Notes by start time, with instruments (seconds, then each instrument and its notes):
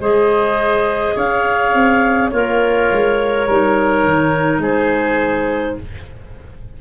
0.00 tuba G#3, clarinet G#4 D#5, oboe C5
1.15 tuba C#4, oboe C#5, clarinet F5
1.74 tuba C4
2.29 tuba A#3, oboe F4, clarinet A#4 C#5
2.92 tuba G#3
3.47 tuba G3, clarinet D#4, oboe A#4
4.04 tuba D#3
4.59 tuba G#3, oboe G#4, clarinet C5